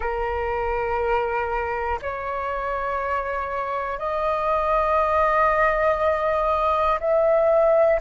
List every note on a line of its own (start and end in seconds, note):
0.00 1.99 A#4
2.01 3.98 C#5
3.98 6.98 D#5
7.00 8.00 E5